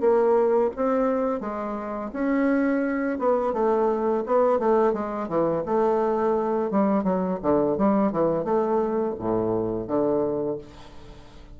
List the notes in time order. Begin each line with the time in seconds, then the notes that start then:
0.00 A#3
0.75 C4
1.40 G#3
2.12 C#4
3.18 B3
3.53 A3
4.26 B3
4.59 A3
4.93 G#3
5.28 E3
5.65 A3
6.71 G3
7.03 F#3
7.42 D3
7.77 G3
8.12 E3
8.44 A3
9.18 A2
9.87 D3